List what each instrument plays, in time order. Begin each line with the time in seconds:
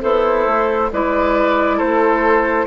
0.00 bassoon B3, oboe E4, clarinet A4, flute C5
0.46 bassoon A3
0.92 bassoon G#3, clarinet E4, oboe B4, flute D5
1.77 bassoon A3, oboe A4, flute C5